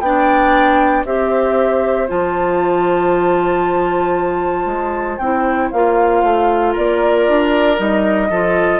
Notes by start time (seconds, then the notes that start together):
0.00 B3 D4 D5 G5
1.05 C4 G4 C5 E5
2.07 F3 F4 A5
4.66 G#3
5.17 C4 E4 G5
5.70 A#3 F4 F5
6.23 A3
6.72 A#3 A#4 D5
7.28 D4
7.76 G3 D#4 D#5
8.29 F3 F4 A4